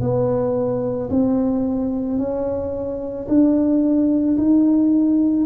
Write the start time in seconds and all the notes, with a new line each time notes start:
0.00 B3
1.10 C4
2.18 C#4
3.28 D4
4.37 D#4